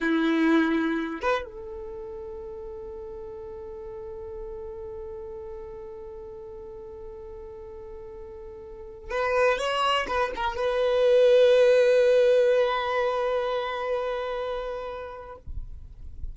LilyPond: \new Staff \with { instrumentName = "violin" } { \time 4/4 \tempo 4 = 125 e'2~ e'8 b'8 a'4~ | a'1~ | a'1~ | a'1~ |
a'2. b'4 | cis''4 b'8 ais'8 b'2~ | b'1~ | b'1 | }